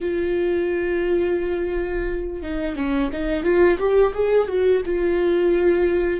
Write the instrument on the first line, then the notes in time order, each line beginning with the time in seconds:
viola
0.01 F4
2.42 D#4
2.76 C#4
3.12 D#4
3.43 F4
3.78 G4
4.13 G#4
4.47 F#4
4.85 F4